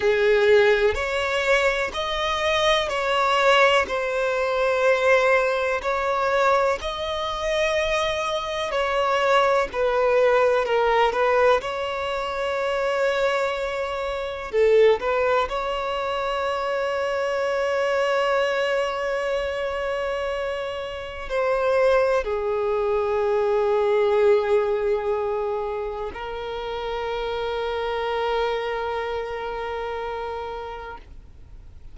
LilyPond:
\new Staff \with { instrumentName = "violin" } { \time 4/4 \tempo 4 = 62 gis'4 cis''4 dis''4 cis''4 | c''2 cis''4 dis''4~ | dis''4 cis''4 b'4 ais'8 b'8 | cis''2. a'8 b'8 |
cis''1~ | cis''2 c''4 gis'4~ | gis'2. ais'4~ | ais'1 | }